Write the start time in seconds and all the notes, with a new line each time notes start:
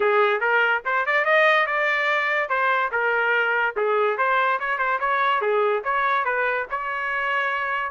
0.00 G#4
0.40 A#4
0.85 C5
1.05 D5
1.24 D#5
1.66 D5
2.49 C5
2.91 A#4
3.76 G#4
4.17 C5
4.59 C#5
4.78 C5
4.99 C#5
5.41 G#4
5.84 C#5
6.24 B4
6.70 C#5